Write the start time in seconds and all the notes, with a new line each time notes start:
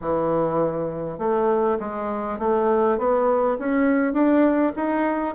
0.01 E3
1.18 A3
1.79 G#3
2.38 A3
2.98 B3
3.58 C#4
4.13 D4
4.76 D#4